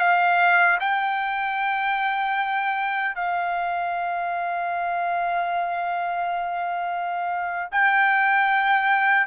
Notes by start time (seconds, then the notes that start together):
0.00 F5
0.80 G5
3.16 F5
7.72 G5